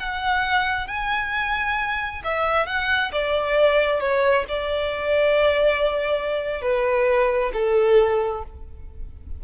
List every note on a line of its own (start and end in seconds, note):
0.00 0.88 F#5
0.88 2.23 G#5
2.24 2.67 E5
2.67 3.12 F#5
3.13 4.00 D5
4.00 4.45 C#5
4.49 6.62 D5
6.62 7.52 B4
7.54 8.44 A4